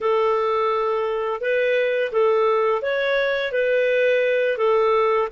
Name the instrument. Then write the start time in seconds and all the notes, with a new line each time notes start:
clarinet
0.00 A4
1.41 B4
2.12 A4
2.82 C#5
3.52 B4
4.57 A4